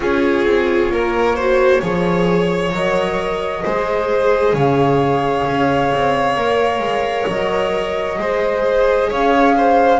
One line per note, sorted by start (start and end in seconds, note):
0.00 0.45 C#4
0.00 1.36 F4
0.00 0.92 G#4
0.00 2.73 C#5
0.45 0.89 C4
0.89 1.80 A#3
0.89 1.35 A#4
1.35 1.81 F#4
1.35 1.80 C5
1.80 2.72 F3
1.80 2.72 G#4
1.80 3.62 C#5
2.72 3.63 F#3
2.72 3.63 A#4
2.72 4.56 D#5
3.63 4.53 G#3
3.63 6.35 G#4
3.63 4.54 C5
4.53 5.44 C#3
4.53 8.18 C#5
4.53 7.28 F5
5.46 5.91 C#4
5.93 6.36 C4
6.35 6.78 A#3
6.35 8.16 A#4
6.78 7.24 G#3
7.27 8.18 F#3
7.27 9.10 D#5
8.16 9.09 G#3
8.16 9.98 G#4
8.16 9.09 C5
9.09 9.99 C#4
9.09 9.55 C#5
9.09 9.99 F5
9.57 9.99 C5